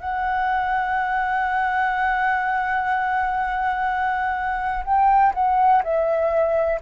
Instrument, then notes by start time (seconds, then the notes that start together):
flute
0.00 F#5
4.84 G5
5.34 F#5
5.83 E5